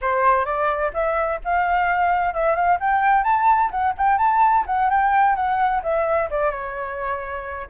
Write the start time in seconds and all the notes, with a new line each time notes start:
0.01 C5
0.45 D5
0.93 E5
1.44 F5
2.33 E5
2.55 F5
2.80 G5
3.23 A5
3.71 F#5
3.97 G5
4.18 A5
4.66 F#5
4.90 G5
5.35 F#5
5.82 E5
6.30 D5
6.50 C#5